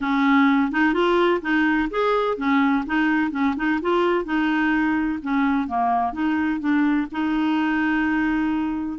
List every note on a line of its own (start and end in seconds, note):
0.00 0.71 C#4
0.71 0.93 D#4
0.93 1.40 F4
1.41 1.89 D#4
1.90 2.37 G#4
2.37 2.84 C#4
2.86 3.31 D#4
3.31 3.55 C#4
3.56 3.79 D#4
3.81 4.24 F4
4.24 5.19 D#4
5.22 5.67 C#4
5.67 6.12 A#3
6.12 6.59 D#4
6.60 7.07 D4
7.11 8.98 D#4